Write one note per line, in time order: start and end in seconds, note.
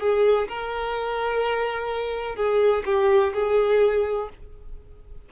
0.00 0.48 G#4
0.48 2.36 A#4
2.36 2.84 G#4
2.86 3.33 G4
3.34 4.29 G#4